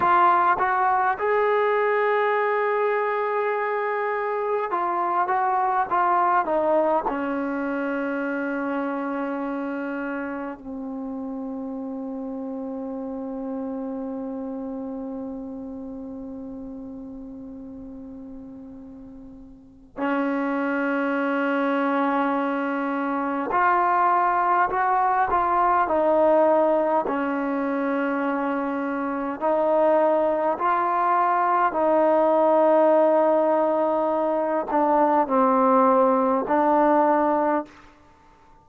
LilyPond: \new Staff \with { instrumentName = "trombone" } { \time 4/4 \tempo 4 = 51 f'8 fis'8 gis'2. | f'8 fis'8 f'8 dis'8 cis'2~ | cis'4 c'2.~ | c'1~ |
c'4 cis'2. | f'4 fis'8 f'8 dis'4 cis'4~ | cis'4 dis'4 f'4 dis'4~ | dis'4. d'8 c'4 d'4 | }